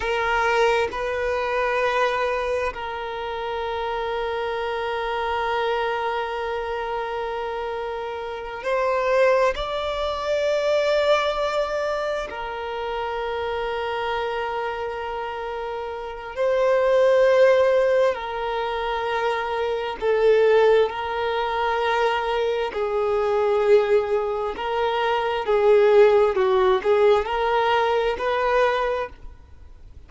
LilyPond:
\new Staff \with { instrumentName = "violin" } { \time 4/4 \tempo 4 = 66 ais'4 b'2 ais'4~ | ais'1~ | ais'4. c''4 d''4.~ | d''4. ais'2~ ais'8~ |
ais'2 c''2 | ais'2 a'4 ais'4~ | ais'4 gis'2 ais'4 | gis'4 fis'8 gis'8 ais'4 b'4 | }